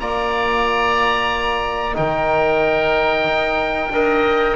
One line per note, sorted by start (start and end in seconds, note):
0.00 1.96 A#3
0.00 1.93 F4
0.00 1.96 D5
0.00 1.96 A#5
1.93 3.26 D#3
1.93 3.89 D#4
1.93 3.92 A#4
1.93 4.56 G5
3.26 3.90 D#4
3.90 4.55 D4
3.90 4.56 A#4
3.90 4.56 D#5